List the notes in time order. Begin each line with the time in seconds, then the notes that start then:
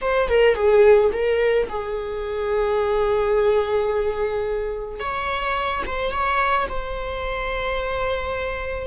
0.01 C5
0.29 A#4
0.54 G#4
1.12 A#4
1.69 G#4
4.99 C#5
5.86 C5
6.11 C#5
6.68 C5